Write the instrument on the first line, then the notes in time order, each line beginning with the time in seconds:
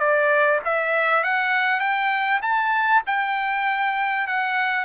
trumpet
0.00 D5
0.65 E5
1.24 F#5
1.80 G5
2.42 A5
3.07 G5
4.28 F#5